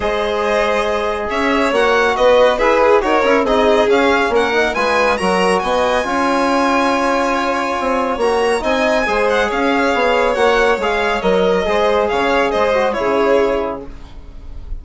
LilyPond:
<<
  \new Staff \with { instrumentName = "violin" } { \time 4/4 \tempo 4 = 139 dis''2. e''4 | fis''4 dis''4 b'4 cis''4 | dis''4 f''4 fis''4 gis''4 | ais''4 gis''2.~ |
gis''2. ais''4 | gis''4. fis''8 f''2 | fis''4 f''4 dis''2 | f''4 dis''4 cis''2 | }
  \new Staff \with { instrumentName = "violin" } { \time 4/4 c''2. cis''4~ | cis''4 b'4 e''8 gis'8 ais'4 | gis'2 ais'4 b'4 | ais'4 dis''4 cis''2~ |
cis''1 | dis''4 c''4 cis''2~ | cis''2. c''4 | cis''4 c''4 gis'2 | }
  \new Staff \with { instrumentName = "trombone" } { \time 4/4 gis'1 | fis'2 gis'4 fis'8 e'8 | dis'4 cis'4. dis'8 f'4 | fis'2 f'2~ |
f'2. fis'4 | dis'4 gis'2. | fis'4 gis'4 ais'4 gis'4~ | gis'4. fis'8 e'2 | }
  \new Staff \with { instrumentName = "bassoon" } { \time 4/4 gis2. cis'4 | ais4 b4 e'4 dis'8 cis'8 | c'4 cis'4 ais4 gis4 | fis4 b4 cis'2~ |
cis'2 c'4 ais4 | c'4 gis4 cis'4 b4 | ais4 gis4 fis4 gis4 | cis4 gis4 cis2 | }
>>